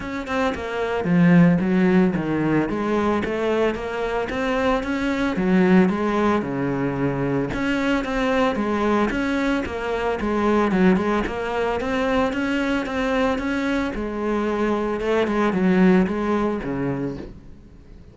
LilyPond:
\new Staff \with { instrumentName = "cello" } { \time 4/4 \tempo 4 = 112 cis'8 c'8 ais4 f4 fis4 | dis4 gis4 a4 ais4 | c'4 cis'4 fis4 gis4 | cis2 cis'4 c'4 |
gis4 cis'4 ais4 gis4 | fis8 gis8 ais4 c'4 cis'4 | c'4 cis'4 gis2 | a8 gis8 fis4 gis4 cis4 | }